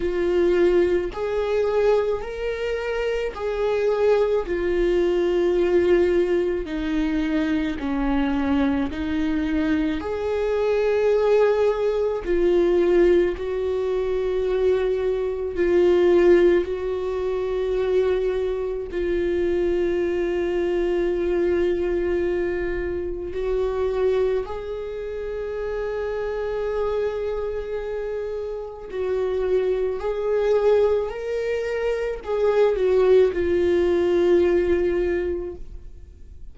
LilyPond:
\new Staff \with { instrumentName = "viola" } { \time 4/4 \tempo 4 = 54 f'4 gis'4 ais'4 gis'4 | f'2 dis'4 cis'4 | dis'4 gis'2 f'4 | fis'2 f'4 fis'4~ |
fis'4 f'2.~ | f'4 fis'4 gis'2~ | gis'2 fis'4 gis'4 | ais'4 gis'8 fis'8 f'2 | }